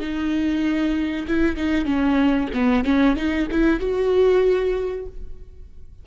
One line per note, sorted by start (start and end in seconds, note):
0.00 1.26 D#4
1.27 1.56 E4
1.56 1.85 D#4
1.85 2.48 C#4
2.53 2.84 B3
2.84 3.16 C#4
3.16 3.47 D#4
3.51 3.80 E4
3.80 5.06 F#4